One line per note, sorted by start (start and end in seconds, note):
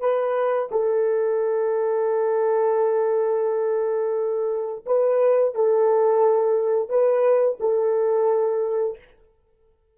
0.00 0.69 B4
0.71 4.85 A4
4.86 5.55 B4
5.55 6.89 A4
6.89 7.58 B4
7.60 8.98 A4